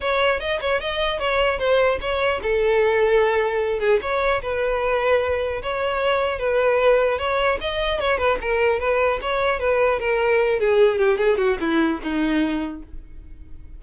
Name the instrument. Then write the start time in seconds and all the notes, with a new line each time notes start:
violin
0.00 C#5
0.40 D#5
0.60 C#5
0.80 D#5
1.19 C#5
1.59 C5
2.01 C#5
2.42 A4
3.79 G#4
4.01 C#5
4.42 B4
5.62 C#5
6.38 B4
7.18 C#5
7.60 D#5
7.99 C#5
8.17 B4
8.41 A#4
8.79 B4
9.21 C#5
9.59 B4
9.99 A#4
10.59 G#4
10.98 G4
11.18 G#4
11.37 F#4
11.60 E4
12.02 D#4